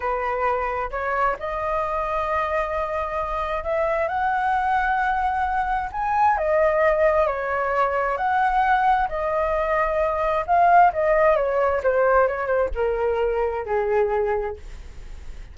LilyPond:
\new Staff \with { instrumentName = "flute" } { \time 4/4 \tempo 4 = 132 b'2 cis''4 dis''4~ | dis''1 | e''4 fis''2.~ | fis''4 gis''4 dis''2 |
cis''2 fis''2 | dis''2. f''4 | dis''4 cis''4 c''4 cis''8 c''8 | ais'2 gis'2 | }